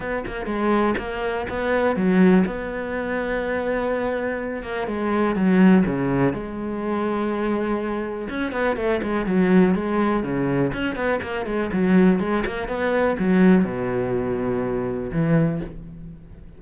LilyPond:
\new Staff \with { instrumentName = "cello" } { \time 4/4 \tempo 4 = 123 b8 ais8 gis4 ais4 b4 | fis4 b2.~ | b4. ais8 gis4 fis4 | cis4 gis2.~ |
gis4 cis'8 b8 a8 gis8 fis4 | gis4 cis4 cis'8 b8 ais8 gis8 | fis4 gis8 ais8 b4 fis4 | b,2. e4 | }